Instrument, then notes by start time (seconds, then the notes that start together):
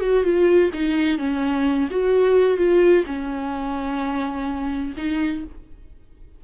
viola
0.00 F#4
0.24 F4
0.73 D#4
1.18 C#4
1.90 F#4
2.57 F4
3.06 C#4
4.97 D#4